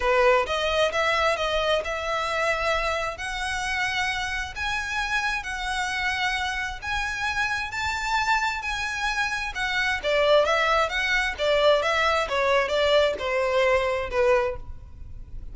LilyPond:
\new Staff \with { instrumentName = "violin" } { \time 4/4 \tempo 4 = 132 b'4 dis''4 e''4 dis''4 | e''2. fis''4~ | fis''2 gis''2 | fis''2. gis''4~ |
gis''4 a''2 gis''4~ | gis''4 fis''4 d''4 e''4 | fis''4 d''4 e''4 cis''4 | d''4 c''2 b'4 | }